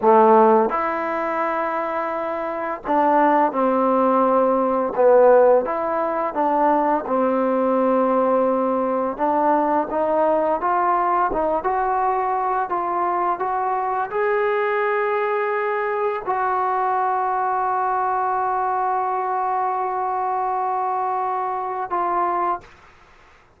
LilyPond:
\new Staff \with { instrumentName = "trombone" } { \time 4/4 \tempo 4 = 85 a4 e'2. | d'4 c'2 b4 | e'4 d'4 c'2~ | c'4 d'4 dis'4 f'4 |
dis'8 fis'4. f'4 fis'4 | gis'2. fis'4~ | fis'1~ | fis'2. f'4 | }